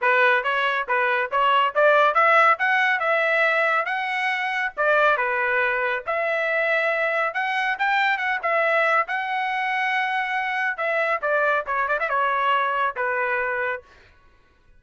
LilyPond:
\new Staff \with { instrumentName = "trumpet" } { \time 4/4 \tempo 4 = 139 b'4 cis''4 b'4 cis''4 | d''4 e''4 fis''4 e''4~ | e''4 fis''2 d''4 | b'2 e''2~ |
e''4 fis''4 g''4 fis''8 e''8~ | e''4 fis''2.~ | fis''4 e''4 d''4 cis''8 d''16 e''16 | cis''2 b'2 | }